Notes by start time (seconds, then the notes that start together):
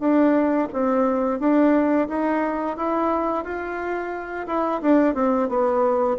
0.00 D4
0.73 C4
1.40 D4
2.09 D#4
2.77 E4
3.45 F4
4.47 E4
4.82 D4
5.15 C4
5.49 B3